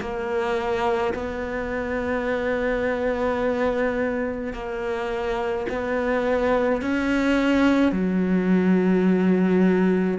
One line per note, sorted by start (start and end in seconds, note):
0.00 1.13 A#3
1.14 4.53 B3
4.53 5.66 A#3
5.69 6.81 B3
6.81 7.91 C#4
7.91 10.18 F#3